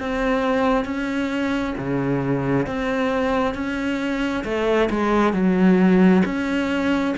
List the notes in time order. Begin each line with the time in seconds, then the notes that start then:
0.00 C4
0.85 C#4
1.78 C#3
2.67 C4
3.55 C#4
4.45 A3
4.90 G#3
5.34 F#3
6.26 C#4